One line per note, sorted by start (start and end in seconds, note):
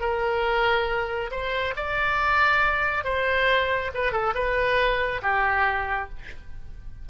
0.00 1.30 A#4
1.31 1.74 C5
1.76 3.04 D5
3.04 3.91 C5
3.94 4.12 B4
4.12 4.34 A4
4.34 5.21 B4
5.22 6.09 G4